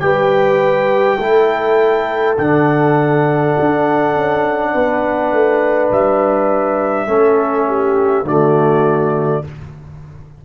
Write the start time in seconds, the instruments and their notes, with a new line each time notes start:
0.00 tuba G3, trombone G4, horn B4, trumpet G5
1.20 tuba A3, trombone E4, horn A4
2.38 tuba D3, trombone D4, trumpet F#5
3.60 tuba D4
4.15 tuba C#4
4.74 tuba B3, horn B4
5.32 tuba A3
5.92 tuba G3, trumpet E5
7.07 tuba A3, trombone C#4, horn A4
7.68 horn G4
8.23 tuba D3, trombone A3, horn F#4, trumpet D5